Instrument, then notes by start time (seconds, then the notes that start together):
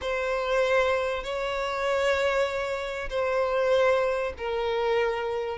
violin
0.01 C5
1.23 C#5
3.09 C5
4.37 A#4